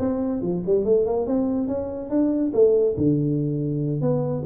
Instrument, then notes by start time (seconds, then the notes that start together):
tuba
0.00 C4
0.42 F3
0.66 G3
0.85 A3
1.07 A#3
1.27 C4
1.68 C#4
2.10 D4
2.54 A3
2.98 D3
4.02 B3